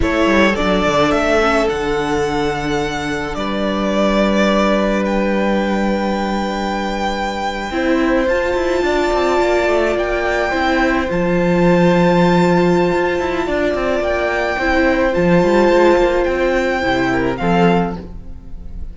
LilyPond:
<<
  \new Staff \with { instrumentName = "violin" } { \time 4/4 \tempo 4 = 107 cis''4 d''4 e''4 fis''4~ | fis''2 d''2~ | d''4 g''2.~ | g''2~ g''8. a''4~ a''16~ |
a''4.~ a''16 g''2 a''16~ | a''1~ | a''4 g''2 a''4~ | a''4 g''2 f''4 | }
  \new Staff \with { instrumentName = "violin" } { \time 4/4 a'1~ | a'2 b'2~ | b'1~ | b'4.~ b'16 c''2 d''16~ |
d''2~ d''8. c''4~ c''16~ | c''1 | d''2 c''2~ | c''2~ c''8 ais'8 a'4 | }
  \new Staff \with { instrumentName = "viola" } { \time 4/4 e'4 d'4. cis'8 d'4~ | d'1~ | d'1~ | d'4.~ d'16 e'4 f'4~ f'16~ |
f'2~ f'8. e'4 f'16~ | f'1~ | f'2 e'4 f'4~ | f'2 e'4 c'4 | }
  \new Staff \with { instrumentName = "cello" } { \time 4/4 a8 g8 fis8 d8 a4 d4~ | d2 g2~ | g1~ | g4.~ g16 c'4 f'8 e'8 d'16~ |
d'16 c'8 ais8 a8 ais4 c'4 f16~ | f2. f'8 e'8 | d'8 c'8 ais4 c'4 f8 g8 | gis8 ais8 c'4 c4 f4 | }
>>